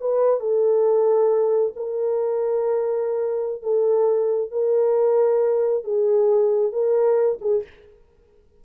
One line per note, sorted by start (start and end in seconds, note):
0.00 0.40 B4
0.40 1.73 A4
1.76 3.62 A#4
3.62 4.51 A4
4.51 5.84 A#4
5.84 6.72 G#4
6.72 7.39 A#4
7.41 7.63 G#4